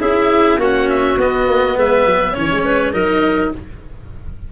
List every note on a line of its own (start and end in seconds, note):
0.00 0.57 C#4
0.00 0.59 E4
0.00 0.58 G#4
0.00 0.60 E5
0.57 1.16 A#3
0.57 1.19 C#4
0.57 1.76 F#4
0.57 0.89 F#5
0.89 1.19 E5
1.17 1.47 B3
1.17 2.34 B3
1.17 1.79 D#5
1.47 1.77 A#3
1.77 2.06 G#3
1.77 2.32 B4
1.77 2.37 E5
2.06 2.35 F#3
2.32 2.51 E3
2.32 2.93 C#4
2.32 2.62 C#5
2.32 2.94 C#5
2.51 2.93 G#3
2.64 2.93 B4
2.93 3.52 F#3
2.93 3.52 D#4
2.93 3.52 A#4
2.93 3.52 D#5